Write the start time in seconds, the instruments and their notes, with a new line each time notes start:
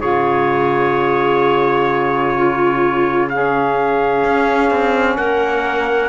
0.00 cello C#3, saxophone F4, clarinet G#4, trumpet C#5
2.37 clarinet F4
3.29 saxophone C#4, clarinet G#4, trumpet F5
4.24 cello C#4
4.71 cello C4
5.17 cello A#3, clarinet A#4, trumpet F#5